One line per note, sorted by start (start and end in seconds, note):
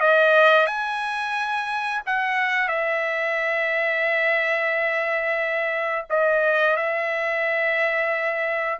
0.00 0.66 D#5
0.66 2.01 G#5
2.06 2.68 F#5
2.68 6.05 E5
6.10 6.77 D#5
6.77 8.79 E5